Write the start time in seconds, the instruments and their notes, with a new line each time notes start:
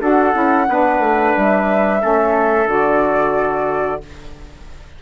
0.00 bassoon D4, saxophone F#4, trumpet A4, flute F#5
0.33 bassoon C#4, saxophone E4
0.68 bassoon B3, saxophone D4, trumpet B4
0.99 bassoon A3
1.37 bassoon G3, flute E5
1.99 bassoon A3, saxophone C#4, trumpet A4
2.66 bassoon D3, saxophone F#4, flute D5